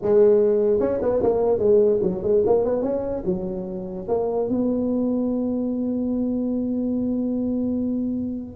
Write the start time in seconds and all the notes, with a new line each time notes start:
0.02 G#3
0.80 C#4
1.01 B3
1.22 A#3
1.59 G#3
2.02 F#3
2.22 G#3
2.46 A#3
2.64 B3
2.82 C#4
3.25 F#3
4.08 A#3
4.48 B3